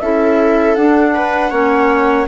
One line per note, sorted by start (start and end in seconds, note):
0.00 0.77 C#4
0.00 0.77 E4
0.00 1.15 A4
0.00 0.75 E5
0.75 1.52 D4
0.75 2.27 F#5
1.15 1.51 B4
1.51 2.28 A#3
1.51 2.28 C#4
1.51 2.27 C#5